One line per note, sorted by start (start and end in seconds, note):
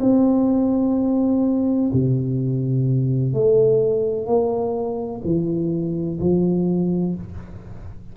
0.00 1.90 C4
1.93 3.33 C3
3.33 4.26 A3
4.26 5.21 A#3
5.24 6.19 E3
6.19 7.15 F3